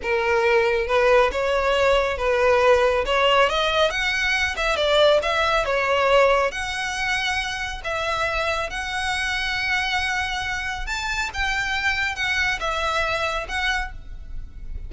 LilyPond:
\new Staff \with { instrumentName = "violin" } { \time 4/4 \tempo 4 = 138 ais'2 b'4 cis''4~ | cis''4 b'2 cis''4 | dis''4 fis''4. e''8 d''4 | e''4 cis''2 fis''4~ |
fis''2 e''2 | fis''1~ | fis''4 a''4 g''2 | fis''4 e''2 fis''4 | }